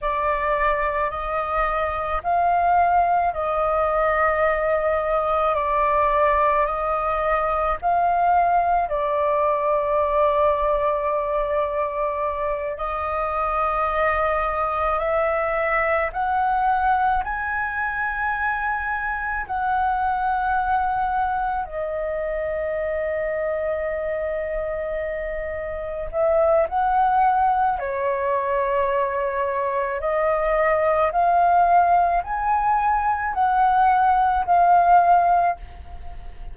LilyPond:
\new Staff \with { instrumentName = "flute" } { \time 4/4 \tempo 4 = 54 d''4 dis''4 f''4 dis''4~ | dis''4 d''4 dis''4 f''4 | d''2.~ d''8 dis''8~ | dis''4. e''4 fis''4 gis''8~ |
gis''4. fis''2 dis''8~ | dis''2.~ dis''8 e''8 | fis''4 cis''2 dis''4 | f''4 gis''4 fis''4 f''4 | }